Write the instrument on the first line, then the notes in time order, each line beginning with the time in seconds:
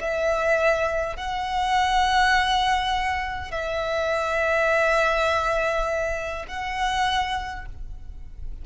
violin
0.00 E5
1.17 F#5
3.51 E5
6.48 F#5